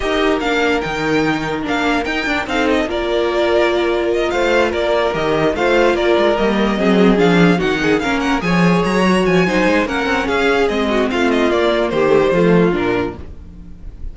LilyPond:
<<
  \new Staff \with { instrumentName = "violin" } { \time 4/4 \tempo 4 = 146 dis''4 f''4 g''2 | f''4 g''4 f''8 dis''8 d''4~ | d''2 dis''8 f''4 d''8~ | d''8 dis''4 f''4 d''4 dis''8~ |
dis''4. f''4 fis''4 f''8 | fis''8 gis''4 ais''4 gis''4. | fis''4 f''4 dis''4 f''8 dis''8 | d''4 c''2 ais'4 | }
  \new Staff \with { instrumentName = "violin" } { \time 4/4 ais'1~ | ais'2 a'4 ais'4~ | ais'2~ ais'8 c''4 ais'8~ | ais'4. c''4 ais'4.~ |
ais'8 gis'2 fis'8 gis'8 ais'8~ | ais'8 cis''2~ cis''8 c''4 | ais'4 gis'4. fis'8 f'4~ | f'4 g'4 f'2 | }
  \new Staff \with { instrumentName = "viola" } { \time 4/4 g'4 d'4 dis'2 | d'4 dis'8 d'8 dis'4 f'4~ | f'1~ | f'8 g'4 f'2 ais8~ |
ais8 c'4 d'4 dis'4 cis'8~ | cis'8 gis'4. fis'4 dis'4 | cis'2 c'2 | ais4. a16 g16 a4 d'4 | }
  \new Staff \with { instrumentName = "cello" } { \time 4/4 dis'4 ais4 dis2 | ais4 dis'8 d'8 c'4 ais4~ | ais2~ ais8 a4 ais8~ | ais8 dis4 a4 ais8 gis8 g8~ |
g8 fis4 f4 dis4 ais8~ | ais8 f4 fis4 f8 fis8 gis8 | ais8 c'8 cis'4 gis4 a4 | ais4 dis4 f4 ais,4 | }
>>